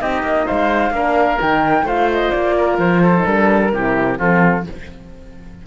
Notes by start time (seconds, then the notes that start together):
0.00 C4 D#4 G4 D#5
0.23 A#3
0.46 G#3 C5 F5
0.91 A#3 D4 A#4
1.39 D#3 D#4 G5
1.83 A3 F4 C5 F5
2.12 D#5
2.31 A#3 D5
2.57 A#4
2.78 F3 C5
3.02 A4
3.17 D#4
3.25 G3 D4 A#4
3.73 C3 E4 G4
4.18 F3 C4 F4 A4